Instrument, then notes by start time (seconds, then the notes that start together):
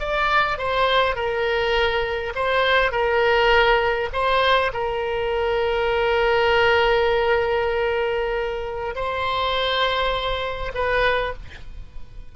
oboe
0.00 D5
0.58 C5
1.16 A#4
2.36 C5
2.92 A#4
4.13 C5
4.74 A#4
8.96 C5
10.75 B4